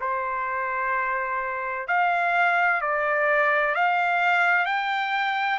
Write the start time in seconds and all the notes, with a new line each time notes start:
0.00 C5
1.87 F5
2.81 D5
3.75 F5
4.65 G5